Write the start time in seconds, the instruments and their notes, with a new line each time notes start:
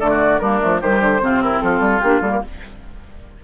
0.00 bassoon D3, clarinet A3, oboe A4, flute D5
0.10 oboe F#4
0.39 bassoon G3, clarinet A#3, oboe D4, flute A#4
0.60 bassoon F3, clarinet A3
0.81 bassoon D#3, clarinet G3, oboe G4, flute C5
1.01 bassoon D3
1.22 bassoon C3, clarinet C4, oboe F4
1.42 oboe E4, flute A#4
1.61 bassoon F3, oboe F4, flute A4
1.80 bassoon G3
2.00 bassoon A#3, clarinet D4, flute G4
2.21 bassoon G3, clarinet A#3, flute A4
2.32 flute A#4